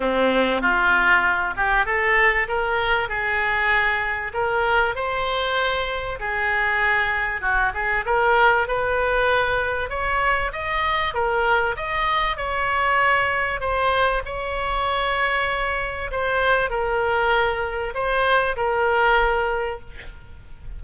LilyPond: \new Staff \with { instrumentName = "oboe" } { \time 4/4 \tempo 4 = 97 c'4 f'4. g'8 a'4 | ais'4 gis'2 ais'4 | c''2 gis'2 | fis'8 gis'8 ais'4 b'2 |
cis''4 dis''4 ais'4 dis''4 | cis''2 c''4 cis''4~ | cis''2 c''4 ais'4~ | ais'4 c''4 ais'2 | }